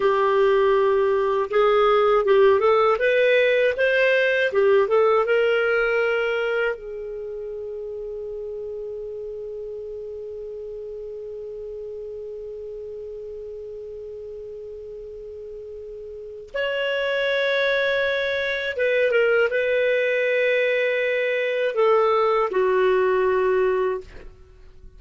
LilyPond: \new Staff \with { instrumentName = "clarinet" } { \time 4/4 \tempo 4 = 80 g'2 gis'4 g'8 a'8 | b'4 c''4 g'8 a'8 ais'4~ | ais'4 gis'2.~ | gis'1~ |
gis'1~ | gis'2 cis''2~ | cis''4 b'8 ais'8 b'2~ | b'4 a'4 fis'2 | }